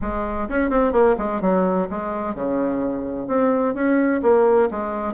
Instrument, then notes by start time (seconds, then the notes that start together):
bassoon
0.01 G#3
0.48 C#4
0.69 C4
0.92 A#3
1.18 G#3
1.41 F#3
1.90 G#3
2.34 C#3
3.27 C4
3.74 C#4
4.22 A#3
4.70 G#3